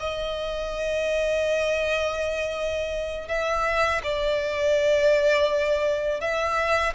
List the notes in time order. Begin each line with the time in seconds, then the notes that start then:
0.00 D#5
3.28 E5
4.03 D5
6.21 E5